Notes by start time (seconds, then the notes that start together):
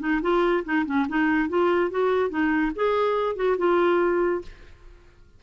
0.00 D#4
0.22 F4
0.65 D#4
0.86 C#4
1.09 D#4
1.49 F4
1.91 F#4
2.30 D#4
2.76 G#4
3.36 F#4
3.58 F4